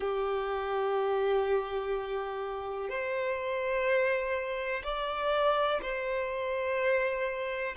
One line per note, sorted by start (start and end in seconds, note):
0.00 2.89 G4
2.89 4.83 C5
4.83 5.80 D5
5.82 7.75 C5